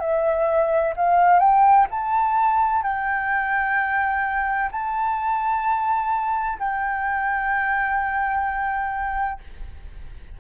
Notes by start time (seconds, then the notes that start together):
0.00 E5
0.96 F5
1.40 G5
1.91 A5
2.83 G5
4.71 A5
6.59 G5